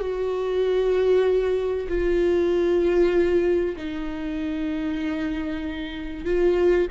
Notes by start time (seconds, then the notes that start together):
0.00 F#4
1.88 F4
3.77 D#4
6.25 F4